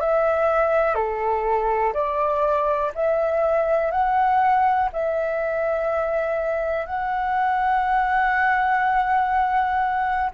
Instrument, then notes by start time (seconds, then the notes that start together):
flute
0.00 E5
0.95 A4
1.94 D5
2.95 E5
3.91 F#5
4.93 E5
6.86 F#5